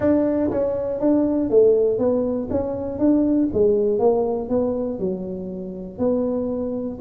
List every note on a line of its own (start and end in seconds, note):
0.00 0.50 D4
0.50 1.00 C#4
1.00 1.50 D4
1.50 1.98 A3
1.98 2.48 B3
2.50 2.99 C#4
2.99 3.49 D4
3.53 3.99 G#3
3.99 4.49 A#3
4.49 4.99 B3
4.99 5.98 F#3
5.98 6.98 B3